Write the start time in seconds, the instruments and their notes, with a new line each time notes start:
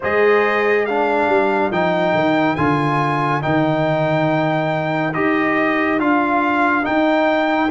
0.00 tuba G#3, trombone G#4, horn C5, trumpet D#5
0.85 trombone D4, horn A#4, trumpet F5
1.28 tuba G3
1.71 tuba F3, trombone D#4, trumpet G5
2.14 tuba D#3
2.55 tuba D3, trombone F4, trumpet G#5
3.41 tuba D#3, trombone D#4, trumpet G5
5.13 tuba D#4, trombone G4, trumpet D#5
5.99 tuba D4, trombone F4, trumpet F5
6.82 trombone D#4, tuba D#4, trumpet G5